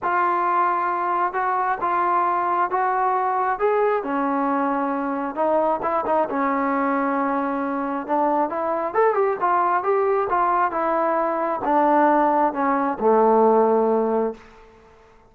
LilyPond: \new Staff \with { instrumentName = "trombone" } { \time 4/4 \tempo 4 = 134 f'2. fis'4 | f'2 fis'2 | gis'4 cis'2. | dis'4 e'8 dis'8 cis'2~ |
cis'2 d'4 e'4 | a'8 g'8 f'4 g'4 f'4 | e'2 d'2 | cis'4 a2. | }